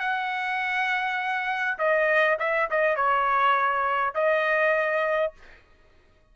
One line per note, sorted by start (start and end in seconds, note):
0.00 1.78 F#5
1.78 2.38 D#5
2.40 2.69 E5
2.71 2.96 D#5
2.96 4.15 C#5
4.15 5.34 D#5